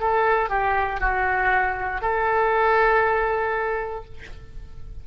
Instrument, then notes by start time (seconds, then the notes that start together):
oboe
0.00 A4
0.49 G4
1.00 F#4
2.02 A4